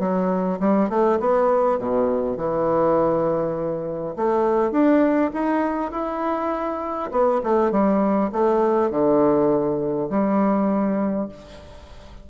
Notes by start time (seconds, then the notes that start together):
0.00 F#3
0.60 G3
0.90 A3
1.20 B3
1.79 B2
2.38 E3
4.16 A3
4.72 D4
5.34 D#4
5.92 E4
7.12 B3
7.44 A3
7.72 G3
8.32 A3
8.91 D3
10.10 G3